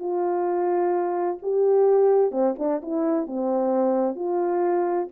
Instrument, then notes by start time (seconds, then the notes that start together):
horn
0.00 F4
1.43 G4
2.32 C4
2.59 D4
2.83 E4
3.27 C4
4.16 F4